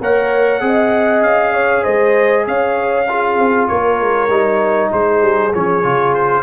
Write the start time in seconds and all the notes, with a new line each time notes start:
0.00 A#3 A#4 C#5 F#5
0.60 C4 G#4
0.66 D#5
1.21 C#4 F5
1.53 C#5
1.83 G#3 C5 D#5
2.47 C#4 C#5 F5
3.08 F4 G#4
3.38 C4
3.68 A#3 A#4 C#5
4.00 G#3
4.29 G3 D#4
4.90 G#3 G#4 C5
5.21 G3
5.54 F3 C#4 C#5
5.83 C#3 F4
6.14 C5